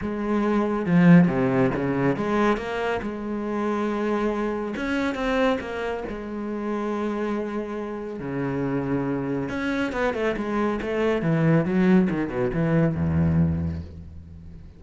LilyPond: \new Staff \with { instrumentName = "cello" } { \time 4/4 \tempo 4 = 139 gis2 f4 c4 | cis4 gis4 ais4 gis4~ | gis2. cis'4 | c'4 ais4 gis2~ |
gis2. cis4~ | cis2 cis'4 b8 a8 | gis4 a4 e4 fis4 | dis8 b,8 e4 e,2 | }